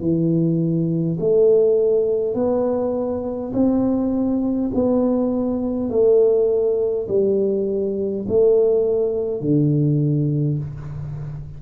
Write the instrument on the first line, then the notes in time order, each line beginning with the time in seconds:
tuba
0.00 E3
1.20 A3
2.35 B3
3.53 C4
4.75 B3
5.90 A3
7.09 G3
8.29 A3
9.41 D3